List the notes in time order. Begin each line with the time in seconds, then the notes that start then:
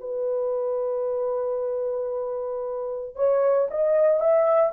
0.00 B4
3.15 C#5
3.70 D#5
4.20 E5